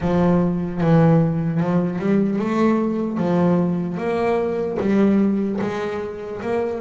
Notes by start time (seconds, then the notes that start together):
0.00 F3
0.80 E3
1.60 F3
1.99 G3
2.39 A3
3.17 F3
3.97 A#3
4.79 G3
5.61 G#3
6.41 A#3